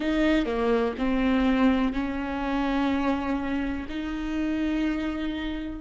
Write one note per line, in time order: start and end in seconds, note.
0.00 0.45 D#4
0.45 0.94 A#3
0.98 1.93 C4
1.93 3.86 C#4
3.88 5.81 D#4